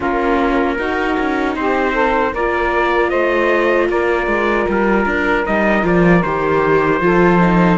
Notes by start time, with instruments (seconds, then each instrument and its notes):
0.00 cello A#3, viola C#4, saxophone F4, trumpet A#4
0.77 cello D#4, viola D#4, saxophone F#4
1.19 cello C#4
1.56 cello C4, saxophone G4, trumpet C5
1.93 saxophone A4
2.32 cello A#3, viola F4, saxophone A#4, trumpet D5
3.09 cello A3, saxophone C5, trumpet D#5
3.89 cello A#3, saxophone A#4, trumpet D5
4.26 cello G#3
4.68 cello G3, trumpet A#4
5.05 cello D4
5.45 cello G3, viola D#4, trumpet D#5
5.82 cello F3, viola F4, trumpet D5
6.23 cello D#3, viola G4, trumpet C5
7.00 cello F3, viola F4, saxophone A4
7.40 viola D#4